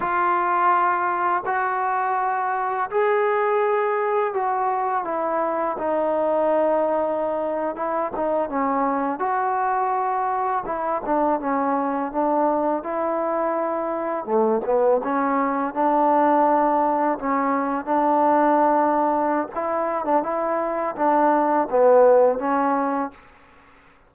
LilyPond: \new Staff \with { instrumentName = "trombone" } { \time 4/4 \tempo 4 = 83 f'2 fis'2 | gis'2 fis'4 e'4 | dis'2~ dis'8. e'8 dis'8 cis'16~ | cis'8. fis'2 e'8 d'8 cis'16~ |
cis'8. d'4 e'2 a16~ | a16 b8 cis'4 d'2 cis'16~ | cis'8. d'2~ d'16 e'8. d'16 | e'4 d'4 b4 cis'4 | }